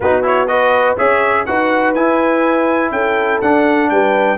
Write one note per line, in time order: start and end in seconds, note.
0.00 0.95 B3
0.00 0.23 D#4
0.00 0.49 F#4
0.00 0.25 B4
0.23 0.47 E4
0.23 0.47 C#5
0.47 0.97 F#4
0.47 0.97 B4
0.47 0.96 D#5
0.97 1.47 C#4
0.97 1.46 G#4
0.97 1.46 C#5
0.97 1.45 E5
1.45 1.94 D#4
1.45 1.95 F#4
1.45 2.92 B4
1.45 1.94 F#5
1.94 2.91 E4
1.94 3.42 E4
1.94 2.91 G#5
2.91 3.40 C#4
2.91 3.90 A4
2.91 3.40 G5
3.41 3.90 D4
3.41 4.37 D4
3.41 3.89 F#5
3.89 4.37 G3
3.89 4.37 B4
3.89 4.37 G5